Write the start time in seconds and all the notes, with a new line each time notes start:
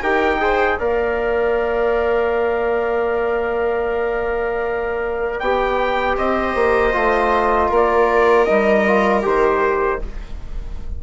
0.00 D#4 G4 A#4 G5
0.40 G#4 C5
0.78 A#3 A#4 D5 F5
5.39 B3 G4 G5
6.16 C4 C5 D#5
6.55 A#3
6.92 A3 F4
7.67 A#3 A#4
7.75 D5
8.44 G3 D#4 D#5
8.87 F4
9.22 D#3 G4 C5